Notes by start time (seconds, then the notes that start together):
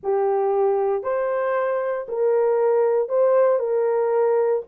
0.03 G4
1.03 C5
2.08 A#4
3.08 C5
3.59 A#4